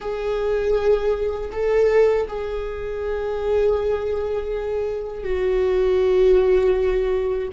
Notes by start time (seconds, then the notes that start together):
0.00 G#4
1.52 A4
2.27 G#4
5.23 F#4